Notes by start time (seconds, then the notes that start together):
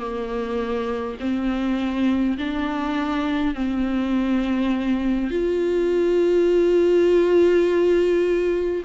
0.00 A#3
1.20 C4
2.39 D4
3.55 C4
5.31 F4